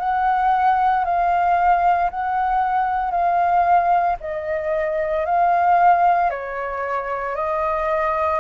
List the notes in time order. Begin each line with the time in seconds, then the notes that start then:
0.00 F#5
1.05 F5
2.11 F#5
3.11 F5
4.21 D#5
5.25 F5
6.31 C#5
7.36 D#5